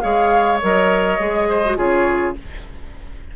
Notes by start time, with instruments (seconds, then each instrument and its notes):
0.00 bassoon G#3, clarinet G#4, oboe C#5, flute F5
0.62 bassoon F#3, clarinet A#4, flute D#5
1.19 bassoon G#3, clarinet G#4
1.48 oboe C5
1.65 clarinet F#4
1.76 bassoon C#3, clarinet F4, oboe G#4, flute C#5